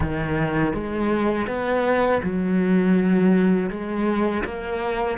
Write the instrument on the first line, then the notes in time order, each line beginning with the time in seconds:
cello
0.00 D#3
0.73 G#3
1.46 B3
2.22 F#3
3.69 G#3
4.44 A#3